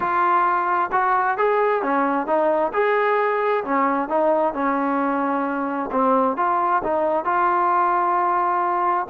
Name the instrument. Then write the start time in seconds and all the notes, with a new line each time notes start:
trombone
0.00 F4
0.92 F#4
1.37 G#4
1.82 C#4
2.26 D#4
2.73 G#4
3.64 C#4
4.08 D#4
4.53 C#4
5.91 C4
6.37 F4
6.83 D#4
7.24 F4